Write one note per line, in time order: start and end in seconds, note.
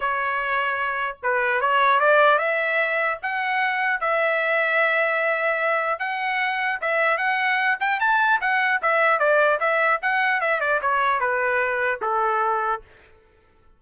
0.00 1.17 C#5
1.22 1.61 B4
1.61 2.00 C#5
2.00 2.38 D5
2.38 3.18 E5
3.22 4.00 F#5
4.00 5.99 E5
5.99 6.79 F#5
6.81 7.17 E5
7.17 7.77 F#5
7.80 7.99 G5
7.99 8.39 A5
8.41 8.81 F#5
8.82 9.19 E5
9.19 9.59 D5
9.59 9.99 E5
10.01 10.40 F#5
10.40 10.60 E5
10.60 10.80 D5
10.81 11.20 C#5
11.20 12.00 B4
12.01 12.81 A4